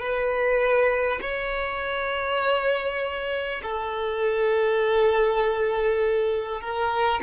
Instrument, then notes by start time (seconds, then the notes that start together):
violin
0.00 B4
1.22 C#5
3.63 A4
6.61 A#4